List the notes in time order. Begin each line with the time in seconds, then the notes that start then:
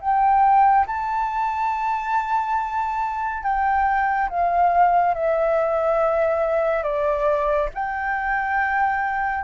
0.00 G5
0.86 A5
3.43 G5
4.29 F5
5.14 E5
6.83 D5
7.74 G5